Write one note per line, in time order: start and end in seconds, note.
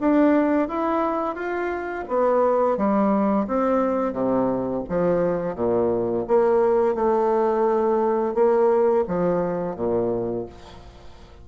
0.00 0.68 D4
0.68 1.35 E4
1.35 2.05 F4
2.08 2.77 B3
2.77 3.47 G3
3.47 4.13 C4
4.13 4.82 C3
4.88 5.55 F3
5.55 6.25 A#2
6.27 6.95 A#3
6.95 8.34 A3
8.34 9.04 A#3
9.07 9.76 F3
9.76 10.46 A#2